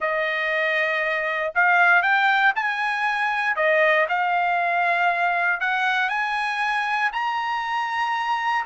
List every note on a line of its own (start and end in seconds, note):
0.00 1.53 D#5
1.54 2.02 F5
2.02 2.53 G5
2.55 3.56 G#5
3.56 4.07 D#5
4.08 5.60 F5
5.60 6.09 F#5
6.09 7.10 G#5
7.12 8.65 A#5